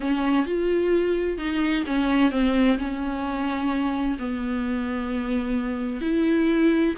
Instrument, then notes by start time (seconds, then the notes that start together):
viola
0.00 C#4
0.46 F4
1.38 D#4
1.86 C#4
2.31 C4
2.78 C#4
4.19 B3
6.01 E4